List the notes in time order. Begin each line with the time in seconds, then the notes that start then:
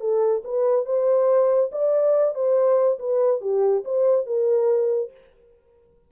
0.00 A4
0.44 B4
0.85 C5
1.72 D5
2.34 C5
2.99 B4
3.41 G4
3.85 C5
4.26 A#4